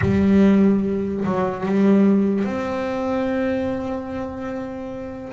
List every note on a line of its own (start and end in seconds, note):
0.01 1.24 G3
1.24 1.66 F#3
1.66 2.44 G3
2.44 5.32 C4